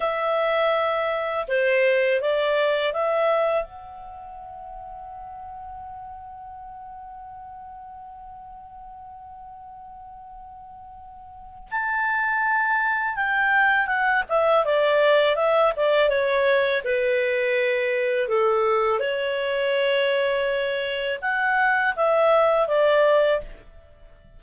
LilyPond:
\new Staff \with { instrumentName = "clarinet" } { \time 4/4 \tempo 4 = 82 e''2 c''4 d''4 | e''4 fis''2.~ | fis''1~ | fis''1 |
a''2 g''4 fis''8 e''8 | d''4 e''8 d''8 cis''4 b'4~ | b'4 a'4 cis''2~ | cis''4 fis''4 e''4 d''4 | }